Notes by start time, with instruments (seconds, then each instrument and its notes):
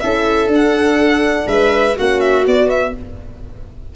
0.00 tuba C#4, horn E4, viola A4, violin E5
0.48 tuba D4, horn D4
0.55 violin F#5
1.47 tuba G#3, viola B4, violin E5
1.96 tuba A#3, horn C#4, viola F#4, violin F#5
2.21 violin E5
2.45 horn B3, tuba B3, violin D5
2.69 violin E5